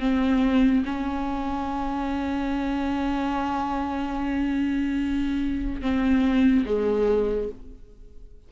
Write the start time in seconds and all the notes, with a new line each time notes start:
0.00 C4
0.85 C#4
5.81 C4
6.65 G#3